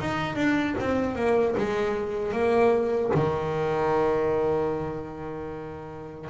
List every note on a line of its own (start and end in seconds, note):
0.00 0.36 D#4
0.36 0.75 D4
0.80 1.16 C4
1.16 1.55 A#3
1.58 2.32 G#3
2.32 3.11 A#3
3.14 6.30 D#3